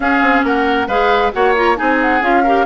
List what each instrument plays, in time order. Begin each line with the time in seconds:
0.00 bassoon C#4, clarinet C#4, oboe G#4, flute F5
0.21 bassoon C4
0.43 bassoon A#3, oboe A#4, flute F#5
0.87 bassoon G#3, clarinet G#4, oboe B4, flute F5
1.32 bassoon A#3, clarinet F#4, oboe C#5, flute F#5
1.55 clarinet F4, flute A#5
1.76 bassoon C4, clarinet D#4, oboe G#4, flute G#5
2.01 flute F#5
2.21 bassoon C#4, clarinet F4, flute F5
2.43 clarinet G4, oboe A#4